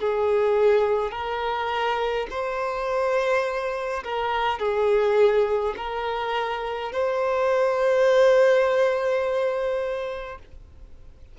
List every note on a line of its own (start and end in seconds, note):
0.00 1.12 G#4
1.12 2.27 A#4
2.30 4.03 C5
4.04 4.59 A#4
4.59 5.75 G#4
5.77 6.92 A#4
6.92 10.38 C5